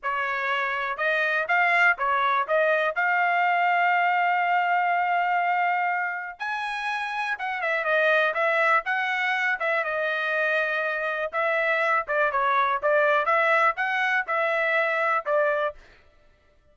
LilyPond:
\new Staff \with { instrumentName = "trumpet" } { \time 4/4 \tempo 4 = 122 cis''2 dis''4 f''4 | cis''4 dis''4 f''2~ | f''1~ | f''4 gis''2 fis''8 e''8 |
dis''4 e''4 fis''4. e''8 | dis''2. e''4~ | e''8 d''8 cis''4 d''4 e''4 | fis''4 e''2 d''4 | }